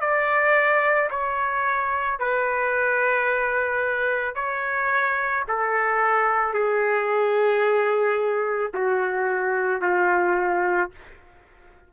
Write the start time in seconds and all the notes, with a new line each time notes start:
0.00 D5
1.10 C#5
2.19 B4
4.35 C#5
5.47 A4
6.53 G#4
8.73 F#4
9.81 F4